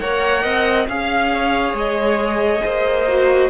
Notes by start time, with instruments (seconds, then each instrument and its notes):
0.00 cello A#3, viola A#4, violin C#5 F#5
0.43 cello C4, violin D#5
0.88 cello C#4, viola G#4, violin F5
1.33 violin C#5
1.73 cello G#3, violin D#5
2.64 cello A#3, violin C5
3.08 viola F#4